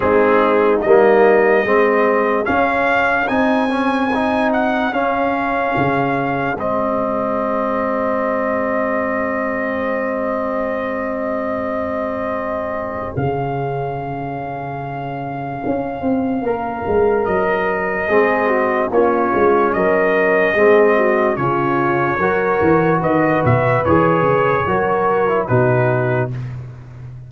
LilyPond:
<<
  \new Staff \with { instrumentName = "trumpet" } { \time 4/4 \tempo 4 = 73 gis'4 dis''2 f''4 | gis''4. fis''8 f''2 | dis''1~ | dis''1 |
f''1~ | f''4 dis''2 cis''4 | dis''2 cis''2 | dis''8 e''8 cis''2 b'4 | }
  \new Staff \with { instrumentName = "horn" } { \time 4/4 dis'2 gis'2~ | gis'1~ | gis'1~ | gis'1~ |
gis'1 | ais'2 gis'8 fis'8 f'4 | ais'4 gis'8 fis'8 f'4 ais'4 | b'2 ais'4 fis'4 | }
  \new Staff \with { instrumentName = "trombone" } { \time 4/4 c'4 ais4 c'4 cis'4 | dis'8 cis'8 dis'4 cis'2 | c'1~ | c'1 |
cis'1~ | cis'2 c'4 cis'4~ | cis'4 c'4 cis'4 fis'4~ | fis'4 gis'4 fis'8. e'16 dis'4 | }
  \new Staff \with { instrumentName = "tuba" } { \time 4/4 gis4 g4 gis4 cis'4 | c'2 cis'4 cis4 | gis1~ | gis1 |
cis2. cis'8 c'8 | ais8 gis8 fis4 gis4 ais8 gis8 | fis4 gis4 cis4 fis8 e8 | dis8 b,8 e8 cis8 fis4 b,4 | }
>>